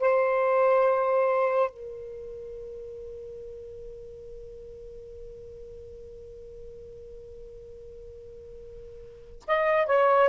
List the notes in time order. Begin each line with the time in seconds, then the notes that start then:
0.00 C5
1.70 A#4
9.47 D#5
9.86 C#5